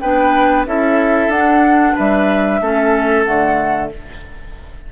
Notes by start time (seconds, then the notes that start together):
0.00 B3 D4 B4 G5
0.66 C#4 E4 A4 E5
1.28 D4 F#5
1.95 G3 B4 E5
2.61 A3 C#4 A4
3.24 D3 A3 F#5